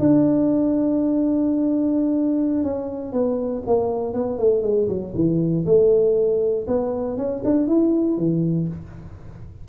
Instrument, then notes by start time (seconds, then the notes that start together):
tuba
0.00 D4
2.64 C#4
3.13 B3
3.67 A#3
4.14 B3
4.39 A3
4.63 G#3
4.89 F#3
5.15 E3
5.66 A3
6.68 B3
7.18 C#4
7.45 D4
7.68 E4
8.18 E3